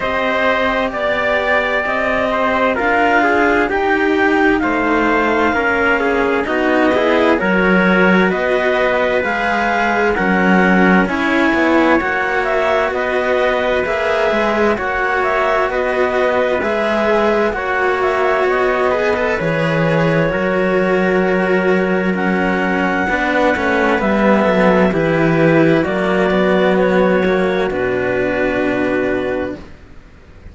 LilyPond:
<<
  \new Staff \with { instrumentName = "clarinet" } { \time 4/4 \tempo 4 = 65 dis''4 d''4 dis''4 f''4 | g''4 f''2 dis''4 | cis''4 dis''4 f''4 fis''4 | gis''4 fis''8 e''8 dis''4 e''4 |
fis''8 e''8 dis''4 e''4 fis''8 e''8 | dis''4 cis''2. | fis''2 e''4 b'4 | d''4 cis''4 b'2 | }
  \new Staff \with { instrumentName = "trumpet" } { \time 4/4 c''4 d''4. c''8 ais'8 gis'8 | g'4 c''4 ais'8 gis'8 fis'8 gis'8 | ais'4 b'2 ais'4 | cis''2 b'2 |
cis''4 b'2 cis''4~ | cis''8 b'4. ais'2~ | ais'4 b'4. a'8 g'4 | fis'1 | }
  \new Staff \with { instrumentName = "cello" } { \time 4/4 g'2. f'4 | dis'2 cis'4 dis'8 e'8 | fis'2 gis'4 cis'4 | e'4 fis'2 gis'4 |
fis'2 gis'4 fis'4~ | fis'8 gis'16 a'16 gis'4 fis'2 | cis'4 d'8 cis'8 b4 e'4 | ais8 b4 ais8 d'2 | }
  \new Staff \with { instrumentName = "cello" } { \time 4/4 c'4 b4 c'4 d'4 | dis'4 a4 ais4 b4 | fis4 b4 gis4 fis4 | cis'8 b8 ais4 b4 ais8 gis8 |
ais4 b4 gis4 ais4 | b4 e4 fis2~ | fis4 b8 a8 g8 fis8 e4 | fis2 b,2 | }
>>